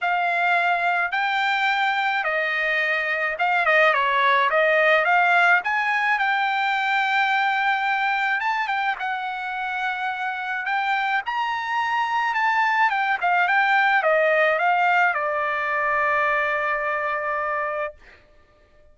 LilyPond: \new Staff \with { instrumentName = "trumpet" } { \time 4/4 \tempo 4 = 107 f''2 g''2 | dis''2 f''8 dis''8 cis''4 | dis''4 f''4 gis''4 g''4~ | g''2. a''8 g''8 |
fis''2. g''4 | ais''2 a''4 g''8 f''8 | g''4 dis''4 f''4 d''4~ | d''1 | }